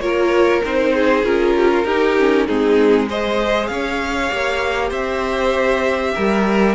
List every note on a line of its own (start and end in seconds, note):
0.00 0.61 A#3
0.00 0.62 F4
0.00 0.94 A#4
0.00 0.61 C#5
0.65 1.23 C4
0.65 1.23 D#4
0.65 1.25 C5
0.94 1.55 G#4
1.23 1.84 C#4
1.23 1.85 F4
1.23 2.47 A#4
1.56 1.71 G4
1.72 1.85 F4
1.84 2.46 D#4
1.84 2.18 D#4
1.84 2.46 G4
2.18 2.48 C#4
2.46 3.70 G#3
2.46 3.09 C4
2.46 3.08 D#4
2.46 3.09 G#4
3.08 4.30 G#4
3.08 3.70 C5
3.08 3.67 D#5
3.67 4.31 C#4
3.67 4.89 C#5
3.67 4.89 F5
4.30 4.91 A#3
4.30 6.75 G4
4.89 6.13 C4
4.89 6.11 C5
4.89 6.75 E5
6.14 6.75 G3
6.14 6.75 A#4